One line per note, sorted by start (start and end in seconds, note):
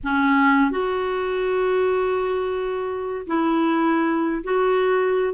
0.03 0.70 C#4
0.70 3.26 F#4
3.26 4.43 E4
4.43 5.34 F#4